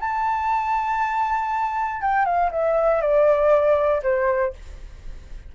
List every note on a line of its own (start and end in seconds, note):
0.00 2.01 A5
2.01 2.25 G5
2.25 2.50 F5
2.51 3.01 E5
3.01 4.02 D5
4.03 4.53 C5